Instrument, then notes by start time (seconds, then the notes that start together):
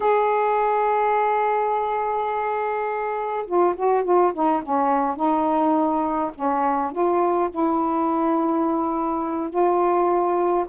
saxophone
0.00 G#4
3.46 F4
3.76 F#4
4.04 F4
4.33 D#4
4.62 C#4
5.16 D#4
6.34 C#4
6.92 F4
7.50 E4
9.50 F4